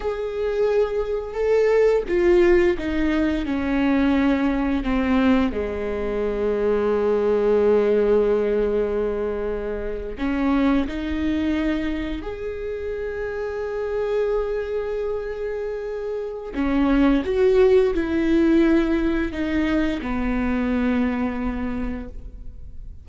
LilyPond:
\new Staff \with { instrumentName = "viola" } { \time 4/4 \tempo 4 = 87 gis'2 a'4 f'4 | dis'4 cis'2 c'4 | gis1~ | gis2~ gis8. cis'4 dis'16~ |
dis'4.~ dis'16 gis'2~ gis'16~ | gis'1 | cis'4 fis'4 e'2 | dis'4 b2. | }